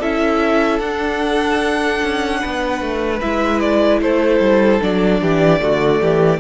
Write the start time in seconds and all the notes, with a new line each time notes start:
0.00 C#4 E4 A4 E5
0.80 D4 F#5
2.03 C#4
2.41 B3 B4
2.81 A3
3.21 G#3 E4 E5
3.60 D5
4.01 A3 A4 C5
4.40 G3
4.82 F#3 D4 D5
5.22 E3 G4
5.60 D3 A3 F#4
6.02 E3 G4